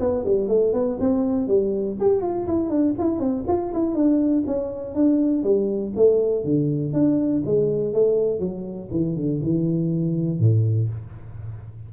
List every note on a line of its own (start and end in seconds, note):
0.00 0.25 B3
0.25 0.48 G3
0.48 0.73 A3
0.73 0.98 B3
1.00 1.48 C4
1.48 1.97 G3
2.00 2.22 G4
2.22 2.47 F4
2.47 2.70 E4
2.70 2.94 D4
2.99 3.20 E4
3.20 3.44 C4
3.48 3.73 F4
3.73 3.95 E4
3.95 4.44 D4
4.47 4.95 C#4
4.95 5.44 D4
5.44 5.93 G3
5.96 6.44 A3
6.44 6.93 D3
6.93 7.43 D4
7.46 7.94 G#3
7.94 8.40 A3
8.40 8.89 F#3
8.91 9.16 E3
9.16 9.41 D3
9.43 10.40 E3
10.40 10.89 A2